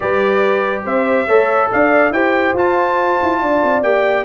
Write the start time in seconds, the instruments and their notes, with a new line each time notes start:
0.00 tuba G3, trombone G4, horn B4, trumpet D5
0.84 tuba C4, horn C5, trumpet E5
1.27 tuba A3, trombone A4, horn C#5
1.71 tuba D4, horn D5, trumpet F5
2.10 tuba E4, trombone G4, horn C5, trumpet G5
2.53 tuba F4, trombone F4, trumpet A5
3.22 tuba E4
3.41 tuba D4, horn D5
3.63 tuba C4
3.82 tuba A#3, trombone G4, trumpet G5